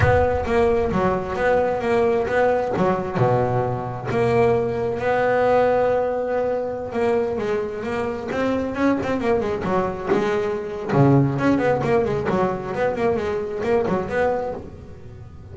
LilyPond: \new Staff \with { instrumentName = "double bass" } { \time 4/4 \tempo 4 = 132 b4 ais4 fis4 b4 | ais4 b4 fis4 b,4~ | b,4 ais2 b4~ | b2.~ b16 ais8.~ |
ais16 gis4 ais4 c'4 cis'8 c'16~ | c'16 ais8 gis8 fis4 gis4.~ gis16 | cis4 cis'8 b8 ais8 gis8 fis4 | b8 ais8 gis4 ais8 fis8 b4 | }